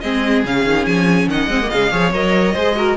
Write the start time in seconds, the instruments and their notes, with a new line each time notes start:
0.00 cello G#3, viola C4, violin G#4 D#5
0.44 cello C#3, viola C#4, violin F5
0.64 cello D#3
0.86 cello F3, violin G#5
1.26 cello D#3, violin D#5 F#5
1.47 cello G#3, viola C4
1.61 viola A#3
1.69 cello C#3, viola G#3, violin F5
1.91 cello F3, viola G#4, violin C#5
2.12 cello F#3, viola A#4, violin D#5
2.53 cello G#3, viola G#4, violin C5
2.75 viola F#4, violin A#4